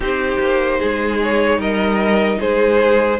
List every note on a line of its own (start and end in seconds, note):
0.00 0.37 C4
0.00 3.19 D#4
0.00 0.78 G4
0.00 1.22 C5
0.39 0.79 A#3
0.78 1.57 G#3
0.78 1.58 G#4
1.22 1.61 C#5
1.57 2.37 G3
1.57 2.39 A#4
1.57 2.40 D#5
2.40 3.20 G#3
2.40 3.20 G#4
2.40 3.20 C5